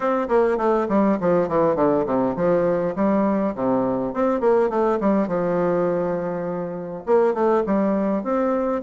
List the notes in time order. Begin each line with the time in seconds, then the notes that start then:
0.00 C4
0.28 A#3
0.57 A3
0.89 G3
1.20 F3
1.48 E3
1.75 D3
2.06 C3
2.36 F3
2.95 G3
3.55 C3
4.13 C4
4.40 A#3
4.69 A3
5.00 G3
5.27 F3
7.06 A#3
7.34 A3
7.66 G3
8.23 C4